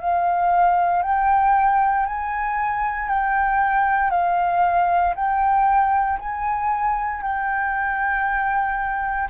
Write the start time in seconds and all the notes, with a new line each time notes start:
0.00 F5
1.02 G5
2.05 G#5
3.08 G5
4.11 F5
5.15 G5
6.19 G#5
7.22 G5